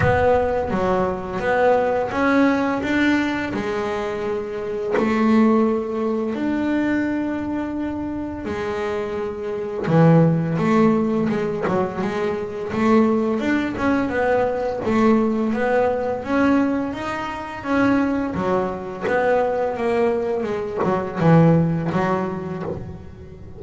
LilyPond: \new Staff \with { instrumentName = "double bass" } { \time 4/4 \tempo 4 = 85 b4 fis4 b4 cis'4 | d'4 gis2 a4~ | a4 d'2. | gis2 e4 a4 |
gis8 fis8 gis4 a4 d'8 cis'8 | b4 a4 b4 cis'4 | dis'4 cis'4 fis4 b4 | ais4 gis8 fis8 e4 fis4 | }